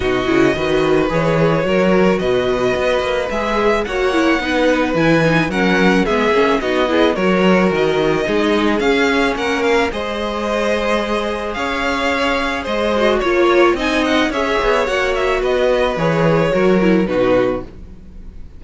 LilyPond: <<
  \new Staff \with { instrumentName = "violin" } { \time 4/4 \tempo 4 = 109 dis''2 cis''2 | dis''2 e''4 fis''4~ | fis''4 gis''4 fis''4 e''4 | dis''4 cis''4 dis''2 |
f''4 fis''8 f''8 dis''2~ | dis''4 f''2 dis''4 | cis''4 gis''8 fis''8 e''4 fis''8 e''8 | dis''4 cis''2 b'4 | }
  \new Staff \with { instrumentName = "violin" } { \time 4/4 fis'4 b'2 ais'4 | b'2. cis''4 | b'2 ais'4 gis'4 | fis'8 gis'8 ais'2 gis'4~ |
gis'4 ais'4 c''2~ | c''4 cis''2 c''4 | cis''4 dis''4 cis''2 | b'2 ais'4 fis'4 | }
  \new Staff \with { instrumentName = "viola" } { \time 4/4 dis'8 e'8 fis'4 gis'4 fis'4~ | fis'2 gis'4 fis'8 e'8 | dis'4 e'8 dis'8 cis'4 b8 cis'8 | dis'8 e'8 fis'2 dis'4 |
cis'2 gis'2~ | gis'2.~ gis'8 fis'8 | f'4 dis'4 gis'4 fis'4~ | fis'4 gis'4 fis'8 e'8 dis'4 | }
  \new Staff \with { instrumentName = "cello" } { \time 4/4 b,8 cis8 dis4 e4 fis4 | b,4 b8 ais8 gis4 ais4 | b4 e4 fis4 gis8 ais8 | b4 fis4 dis4 gis4 |
cis'4 ais4 gis2~ | gis4 cis'2 gis4 | ais4 c'4 cis'8 b8 ais4 | b4 e4 fis4 b,4 | }
>>